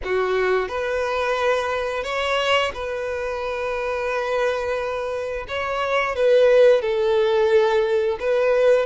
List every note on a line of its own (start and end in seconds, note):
0.03 0.68 F#4
0.68 2.03 B4
2.03 2.71 C#5
2.73 5.46 B4
5.48 6.15 C#5
6.15 6.81 B4
6.81 8.18 A4
8.19 8.86 B4